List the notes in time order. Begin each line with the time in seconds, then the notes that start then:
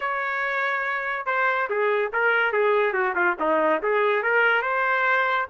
0.00 C#5
1.26 C5
1.69 G#4
2.12 A#4
2.52 G#4
2.93 F#4
3.15 F4
3.39 D#4
3.82 G#4
4.23 A#4
4.62 C5